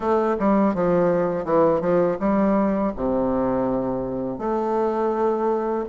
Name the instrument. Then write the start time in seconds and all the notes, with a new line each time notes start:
bassoon
0.00 A3
0.39 G3
0.74 F3
1.45 E3
1.81 F3
2.20 G3
2.96 C3
4.38 A3